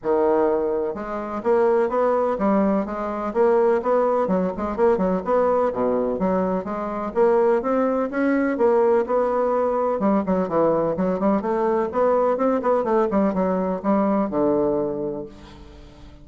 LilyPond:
\new Staff \with { instrumentName = "bassoon" } { \time 4/4 \tempo 4 = 126 dis2 gis4 ais4 | b4 g4 gis4 ais4 | b4 fis8 gis8 ais8 fis8 b4 | b,4 fis4 gis4 ais4 |
c'4 cis'4 ais4 b4~ | b4 g8 fis8 e4 fis8 g8 | a4 b4 c'8 b8 a8 g8 | fis4 g4 d2 | }